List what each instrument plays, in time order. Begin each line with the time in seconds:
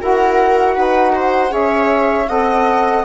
0.00 bassoon E4, saxophone F#4, viola A#4, flute F#5
0.75 bassoon D#4, viola B4
1.15 viola C5
1.49 bassoon C#4, saxophone G#4, viola C#5, flute E5
2.28 bassoon C4, saxophone A4, viola D#5, flute F#5